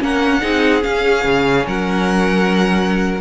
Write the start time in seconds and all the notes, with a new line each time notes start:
0.00 A#3 C#4 A#4 F#5
0.41 C4 D#4 G#4
0.82 C#4 F5
1.25 C#3
1.67 F#3 A#4 F#5